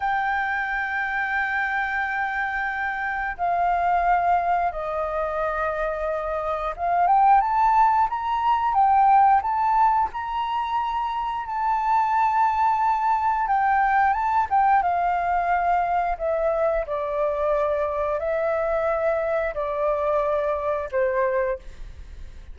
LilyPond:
\new Staff \with { instrumentName = "flute" } { \time 4/4 \tempo 4 = 89 g''1~ | g''4 f''2 dis''4~ | dis''2 f''8 g''8 a''4 | ais''4 g''4 a''4 ais''4~ |
ais''4 a''2. | g''4 a''8 g''8 f''2 | e''4 d''2 e''4~ | e''4 d''2 c''4 | }